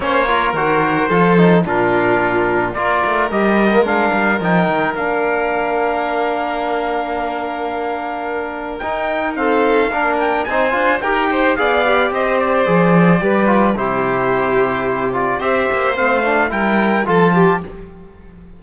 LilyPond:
<<
  \new Staff \with { instrumentName = "trumpet" } { \time 4/4 \tempo 4 = 109 cis''4 c''2 ais'4~ | ais'4 d''4 dis''4 f''4 | g''4 f''2.~ | f''1 |
g''4 f''4. g''8 gis''4 | g''4 f''4 dis''8 d''4.~ | d''4 c''2~ c''8 d''8 | e''4 f''4 g''4 a''4 | }
  \new Staff \with { instrumentName = "violin" } { \time 4/4 c''8 ais'4. a'4 f'4~ | f'4 ais'2.~ | ais'1~ | ais'1~ |
ais'4 a'4 ais'4 c''4 | ais'8 c''8 d''4 c''2 | b'4 g'2. | c''2 ais'4 a'8 g'8 | }
  \new Staff \with { instrumentName = "trombone" } { \time 4/4 cis'8 f'8 fis'4 f'8 dis'8 d'4~ | d'4 f'4 g'8. ais16 d'4 | dis'4 d'2.~ | d'1 |
dis'4 c'4 d'4 dis'8 f'8 | g'4 gis'8 g'4. gis'4 | g'8 f'8 e'2~ e'8 f'8 | g'4 c'8 d'8 e'4 f'4 | }
  \new Staff \with { instrumentName = "cello" } { \time 4/4 ais4 dis4 f4 ais,4~ | ais,4 ais8 a8 g4 gis8 g8 | f8 dis8 ais2.~ | ais1 |
dis'2 ais4 c'8 d'8 | dis'4 b4 c'4 f4 | g4 c2. | c'8 ais8 a4 g4 f4 | }
>>